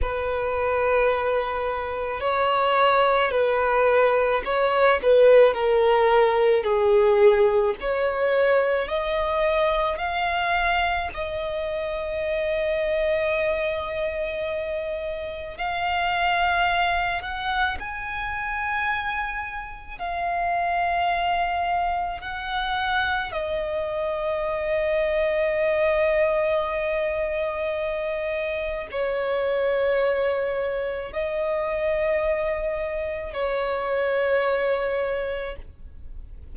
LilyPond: \new Staff \with { instrumentName = "violin" } { \time 4/4 \tempo 4 = 54 b'2 cis''4 b'4 | cis''8 b'8 ais'4 gis'4 cis''4 | dis''4 f''4 dis''2~ | dis''2 f''4. fis''8 |
gis''2 f''2 | fis''4 dis''2.~ | dis''2 cis''2 | dis''2 cis''2 | }